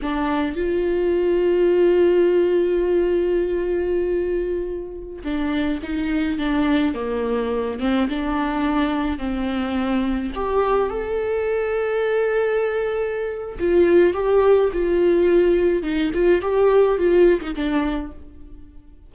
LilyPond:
\new Staff \with { instrumentName = "viola" } { \time 4/4 \tempo 4 = 106 d'4 f'2.~ | f'1~ | f'4~ f'16 d'4 dis'4 d'8.~ | d'16 ais4. c'8 d'4.~ d'16~ |
d'16 c'2 g'4 a'8.~ | a'1 | f'4 g'4 f'2 | dis'8 f'8 g'4 f'8. dis'16 d'4 | }